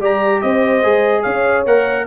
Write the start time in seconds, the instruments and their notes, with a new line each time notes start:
0.00 tuba G3, trombone G4, horn D5, trumpet A#5
0.41 tuba C4, horn C5, trumpet D#5
0.83 tuba G#3, trombone G#4
1.21 tuba C#4, horn C#5, trumpet F5
1.66 tuba A#3, trombone A#4, trumpet F#5